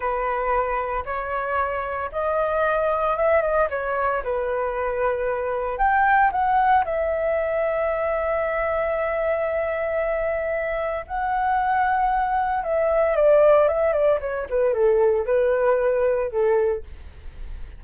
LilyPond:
\new Staff \with { instrumentName = "flute" } { \time 4/4 \tempo 4 = 114 b'2 cis''2 | dis''2 e''8 dis''8 cis''4 | b'2. g''4 | fis''4 e''2.~ |
e''1~ | e''4 fis''2. | e''4 d''4 e''8 d''8 cis''8 b'8 | a'4 b'2 a'4 | }